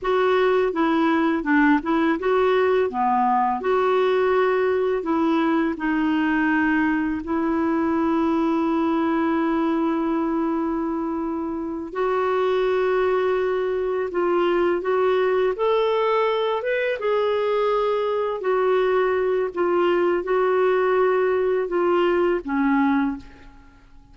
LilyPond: \new Staff \with { instrumentName = "clarinet" } { \time 4/4 \tempo 4 = 83 fis'4 e'4 d'8 e'8 fis'4 | b4 fis'2 e'4 | dis'2 e'2~ | e'1~ |
e'8 fis'2. f'8~ | f'8 fis'4 a'4. b'8 gis'8~ | gis'4. fis'4. f'4 | fis'2 f'4 cis'4 | }